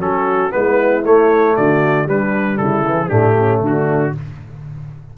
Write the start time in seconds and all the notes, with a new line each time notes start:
0.00 F#3 C#4 F#4 A4
0.51 G#3 B3 E4 B4
1.05 A3 C#5
1.56 D3 F#4 D5
2.06 G3 D4 B4
2.58 C#3 E4 A4
2.87 E3
3.09 A2 A3 D4 G4
3.38 C#4
3.61 D3 D4 F#4